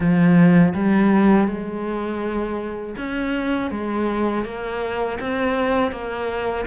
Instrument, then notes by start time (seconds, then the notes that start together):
cello
0.00 F3
0.73 G3
1.47 G#3
2.97 C#4
3.70 G#3
4.44 A#3
5.20 C4
5.91 A#3